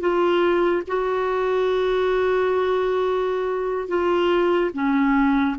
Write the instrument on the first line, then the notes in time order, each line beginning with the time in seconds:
clarinet
0.00 F4
0.87 F#4
3.88 F4
4.74 C#4